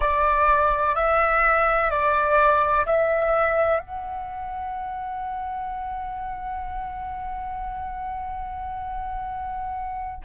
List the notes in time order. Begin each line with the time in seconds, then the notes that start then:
0.00 D5
0.95 E5
1.90 D5
2.86 E5
3.79 F#5